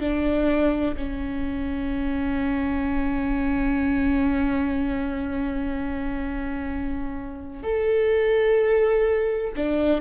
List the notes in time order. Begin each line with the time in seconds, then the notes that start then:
0.00 D4
0.96 C#4
7.63 A4
9.56 D4